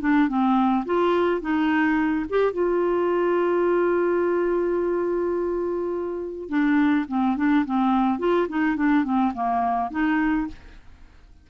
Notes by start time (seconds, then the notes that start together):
0.00 D4
0.28 C4
0.85 F4
1.41 D#4
2.29 G4
2.52 F4
6.49 D4
7.08 C4
7.36 D4
7.65 C4
8.19 F4
8.48 D#4
8.76 D4
9.04 C4
9.33 A#3
9.90 D#4